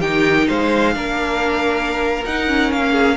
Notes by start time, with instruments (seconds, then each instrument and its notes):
0.00 cello D#3, viola D#4, violin G4 G5
0.48 cello G#3, violin C5 F5
0.94 cello A#3, viola D4, violin A#4
2.26 viola D#4, cello D#4, violin F#5
2.48 viola C#4
2.72 cello A#3, violin F5
2.92 violin G#4